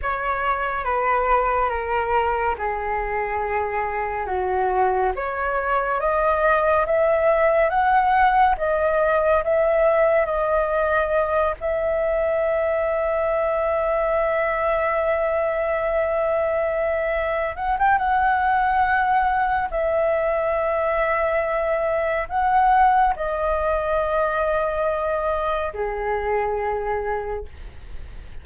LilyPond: \new Staff \with { instrumentName = "flute" } { \time 4/4 \tempo 4 = 70 cis''4 b'4 ais'4 gis'4~ | gis'4 fis'4 cis''4 dis''4 | e''4 fis''4 dis''4 e''4 | dis''4. e''2~ e''8~ |
e''1~ | e''8 fis''16 g''16 fis''2 e''4~ | e''2 fis''4 dis''4~ | dis''2 gis'2 | }